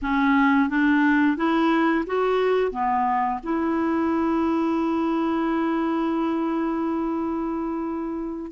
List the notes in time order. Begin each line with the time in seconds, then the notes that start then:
0.02 C#4
0.69 D4
1.36 E4
2.06 F#4
2.71 B3
3.43 E4